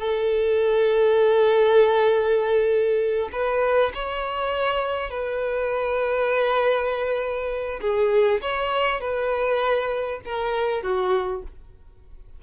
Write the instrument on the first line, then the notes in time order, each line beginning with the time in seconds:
violin
0.00 A4
3.33 B4
3.95 C#5
5.11 B4
7.82 G#4
8.42 C#5
9.01 B4
10.25 A#4
10.83 F#4